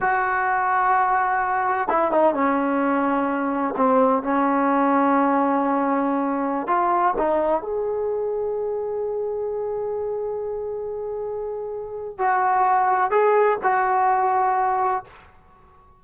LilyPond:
\new Staff \with { instrumentName = "trombone" } { \time 4/4 \tempo 4 = 128 fis'1 | e'8 dis'8 cis'2. | c'4 cis'2.~ | cis'2~ cis'16 f'4 dis'8.~ |
dis'16 gis'2.~ gis'8.~ | gis'1~ | gis'2 fis'2 | gis'4 fis'2. | }